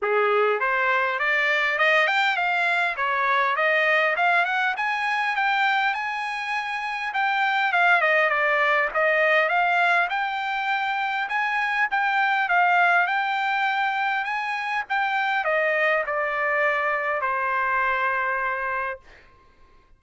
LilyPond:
\new Staff \with { instrumentName = "trumpet" } { \time 4/4 \tempo 4 = 101 gis'4 c''4 d''4 dis''8 g''8 | f''4 cis''4 dis''4 f''8 fis''8 | gis''4 g''4 gis''2 | g''4 f''8 dis''8 d''4 dis''4 |
f''4 g''2 gis''4 | g''4 f''4 g''2 | gis''4 g''4 dis''4 d''4~ | d''4 c''2. | }